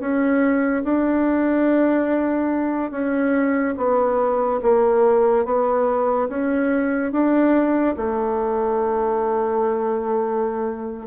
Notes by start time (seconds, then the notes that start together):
0.00 C#4
0.84 D4
2.91 C#4
3.77 B3
4.62 A#3
5.45 B3
6.29 C#4
7.12 D4
7.96 A3